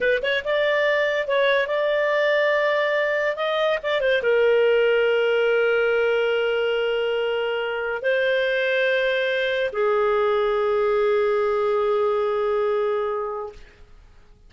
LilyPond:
\new Staff \with { instrumentName = "clarinet" } { \time 4/4 \tempo 4 = 142 b'8 cis''8 d''2 cis''4 | d''1 | dis''4 d''8 c''8 ais'2~ | ais'1~ |
ais'2. c''4~ | c''2. gis'4~ | gis'1~ | gis'1 | }